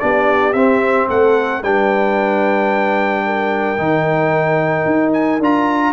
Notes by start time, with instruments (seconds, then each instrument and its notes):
0.00 tuba B3, trombone D4, horn G4, trumpet D5
0.53 tuba C4, trombone C4, trumpet E5
1.09 tuba A3, horn A4, trumpet F#5
1.63 tuba G3, trombone D4, horn B4, trumpet G5
3.25 horn A#4
3.78 tuba D#3, trombone D#4
4.86 tuba D#4
5.14 trumpet G#5
5.40 tuba D4, trombone F4, trumpet A#5